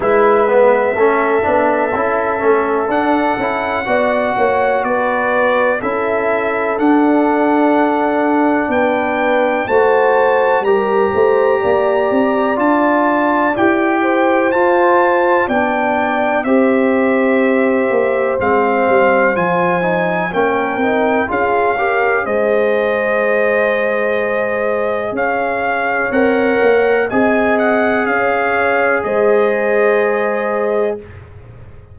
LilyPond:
<<
  \new Staff \with { instrumentName = "trumpet" } { \time 4/4 \tempo 4 = 62 e''2. fis''4~ | fis''4 d''4 e''4 fis''4~ | fis''4 g''4 a''4 ais''4~ | ais''4 a''4 g''4 a''4 |
g''4 e''2 f''4 | gis''4 g''4 f''4 dis''4~ | dis''2 f''4 fis''4 | gis''8 fis''8 f''4 dis''2 | }
  \new Staff \with { instrumentName = "horn" } { \time 4/4 b'4 a'2. | d''8 cis''8 b'4 a'2~ | a'4 b'4 c''4 ais'8 c''8 | d''2~ d''8 c''4. |
d''4 c''2.~ | c''4 ais'4 gis'8 ais'8 c''4~ | c''2 cis''2 | dis''4 cis''4 c''2 | }
  \new Staff \with { instrumentName = "trombone" } { \time 4/4 e'8 b8 cis'8 d'8 e'8 cis'8 d'8 e'8 | fis'2 e'4 d'4~ | d'2 fis'4 g'4~ | g'4 f'4 g'4 f'4 |
d'4 g'2 c'4 | f'8 dis'8 cis'8 dis'8 f'8 g'8 gis'4~ | gis'2. ais'4 | gis'1 | }
  \new Staff \with { instrumentName = "tuba" } { \time 4/4 gis4 a8 b8 cis'8 a8 d'8 cis'8 | b8 ais8 b4 cis'4 d'4~ | d'4 b4 a4 g8 a8 | ais8 c'8 d'4 e'4 f'4 |
b4 c'4. ais8 gis8 g8 | f4 ais8 c'8 cis'4 gis4~ | gis2 cis'4 c'8 ais8 | c'4 cis'4 gis2 | }
>>